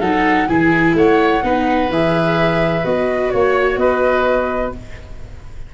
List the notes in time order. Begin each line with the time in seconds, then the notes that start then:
0.00 F#3 D#4 A4 F#5
0.47 E3 E4 G#4 G#5
0.94 A3 C#5 F#5
1.43 B3 D#4 B4
1.89 E3 G#4 E5
2.83 B3 F#4 D#5
3.30 A#3 C#5
3.76 B3 B4 D#5